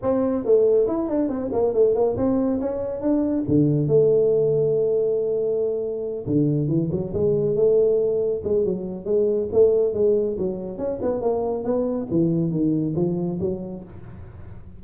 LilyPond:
\new Staff \with { instrumentName = "tuba" } { \time 4/4 \tempo 4 = 139 c'4 a4 e'8 d'8 c'8 ais8 | a8 ais8 c'4 cis'4 d'4 | d4 a2.~ | a2~ a8 d4 e8 |
fis8 gis4 a2 gis8 | fis4 gis4 a4 gis4 | fis4 cis'8 b8 ais4 b4 | e4 dis4 f4 fis4 | }